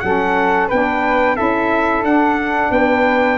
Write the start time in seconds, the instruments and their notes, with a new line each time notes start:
0.00 tuba F#3, saxophone C#4, flute A4, trumpet F#5
0.68 tuba B3, saxophone D4, flute B4, trumpet G5
1.36 tuba C#4, saxophone E4, flute A4, trumpet E5
2.03 tuba D4, saxophone D4, trumpet F#5
2.71 tuba B3, flute B4, trumpet G5